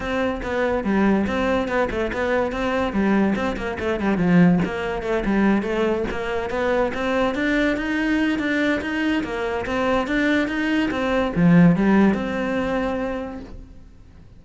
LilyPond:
\new Staff \with { instrumentName = "cello" } { \time 4/4 \tempo 4 = 143 c'4 b4 g4 c'4 | b8 a8 b4 c'4 g4 | c'8 ais8 a8 g8 f4 ais4 | a8 g4 a4 ais4 b8~ |
b8 c'4 d'4 dis'4. | d'4 dis'4 ais4 c'4 | d'4 dis'4 c'4 f4 | g4 c'2. | }